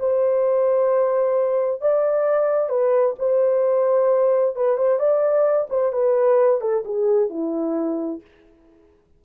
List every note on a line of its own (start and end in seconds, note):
0.00 1.82 C5
1.82 2.70 D5
2.70 3.16 B4
3.20 4.56 C5
4.56 4.78 B4
4.78 5.00 C5
5.00 5.68 D5
5.70 5.93 C5
5.93 6.61 B4
6.61 6.84 A4
6.85 7.30 G#4
7.30 8.22 E4